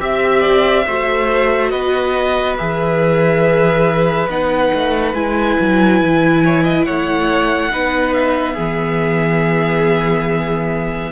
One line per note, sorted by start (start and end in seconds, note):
0.00 0.86 C4
0.00 0.86 G4
0.00 1.71 E5
0.00 0.40 E5
0.40 0.83 D5
0.87 1.73 A3
0.87 2.58 F#4
0.87 1.71 C5
1.71 2.59 B3
1.71 6.43 B4
1.71 2.56 D#5
2.58 4.28 E3
2.58 4.29 G#4
2.58 4.29 E5
4.28 4.71 B3
4.28 5.15 D#4
4.28 5.14 F#5
4.74 5.14 A3
5.14 5.57 G#3
5.14 7.71 E4
5.14 6.85 G#5
5.61 6.01 F#3
6.01 6.87 E3
6.45 6.64 C#5
6.64 6.85 D#5
6.85 7.73 A3
6.85 7.71 C#5
6.85 8.14 F#5
7.71 8.57 B3
7.71 8.57 D#4
7.71 8.54 B4
8.14 11.12 E5
8.54 11.12 E3
8.54 11.12 B3
8.54 11.11 G#4